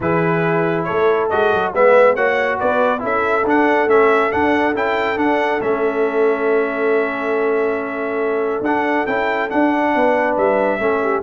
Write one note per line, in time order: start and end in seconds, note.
0.00 0.86 E3
0.00 1.30 E4
0.00 0.87 G#4
0.00 0.83 B4
0.83 1.73 A4
0.83 1.27 C#5
0.90 1.32 A3
1.29 1.52 G#3
1.29 1.74 F#4
1.29 1.72 D#5
1.52 1.73 F#3
1.73 2.15 G#3
1.73 2.16 B3
1.73 2.14 B4
1.73 2.15 E5
2.14 2.59 A#3
2.14 2.98 F#4
2.14 2.57 C#5
2.14 2.58 F#5
2.58 3.02 B3
2.58 3.02 B4
2.58 3.02 D5
2.98 3.44 C#4
2.98 3.41 E4
2.98 9.94 A4
3.05 3.48 E5
3.44 3.87 D4
3.44 3.88 D4
3.44 3.89 F#5
3.87 4.30 A3
3.87 4.30 C#4
3.87 4.31 E5
4.30 4.74 D4
4.30 4.74 F#5
4.74 5.16 C#4
4.74 5.16 E4
4.74 5.18 G5
5.16 5.59 D4
5.16 5.61 F#5
5.61 8.61 A3
5.61 8.64 C#4
5.61 8.63 E5
8.61 9.04 D4
8.61 9.06 D4
8.61 9.06 F#5
9.06 9.50 C#4
9.06 9.49 E4
9.06 9.49 G5
9.49 10.79 D4
9.49 9.95 D4
9.49 10.36 F#5
9.95 10.37 B3
9.95 10.79 B4
10.37 10.79 G3
10.37 11.23 E5
10.79 11.22 A3
10.79 11.22 C#4
10.79 11.01 A4
11.02 11.23 G4